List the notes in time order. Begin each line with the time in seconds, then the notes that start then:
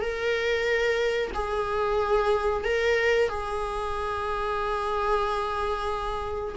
0.00 A#4
1.34 G#4
2.64 A#4
3.28 G#4